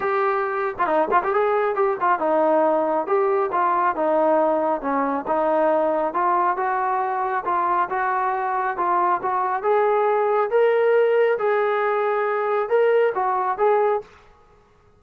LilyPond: \new Staff \with { instrumentName = "trombone" } { \time 4/4 \tempo 4 = 137 g'4.~ g'16 f'16 dis'8 f'16 g'16 gis'4 | g'8 f'8 dis'2 g'4 | f'4 dis'2 cis'4 | dis'2 f'4 fis'4~ |
fis'4 f'4 fis'2 | f'4 fis'4 gis'2 | ais'2 gis'2~ | gis'4 ais'4 fis'4 gis'4 | }